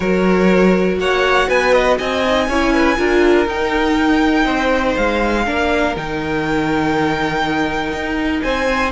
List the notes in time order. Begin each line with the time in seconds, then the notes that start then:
0.00 F#3 F#4 A#4 C#5
0.98 A#3 C#5 F#5
1.47 B3 B4 G#5
1.73 D#5
1.98 C4 D#5 G#5
2.24 D#4
2.47 C#4 E4 C#5
2.73 B4
2.97 D4 F4 A#4
3.46 D#4 G5
4.44 C4 C5
4.96 G#3 F5
5.45 A#3 D4 A#4
5.96 D#3 D#4 G5
7.92 D#4
8.41 C4 C5 G#5